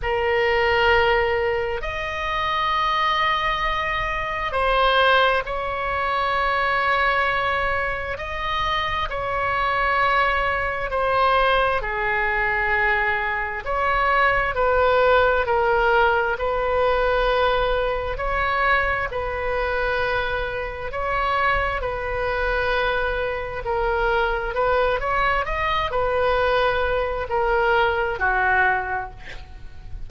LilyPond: \new Staff \with { instrumentName = "oboe" } { \time 4/4 \tempo 4 = 66 ais'2 dis''2~ | dis''4 c''4 cis''2~ | cis''4 dis''4 cis''2 | c''4 gis'2 cis''4 |
b'4 ais'4 b'2 | cis''4 b'2 cis''4 | b'2 ais'4 b'8 cis''8 | dis''8 b'4. ais'4 fis'4 | }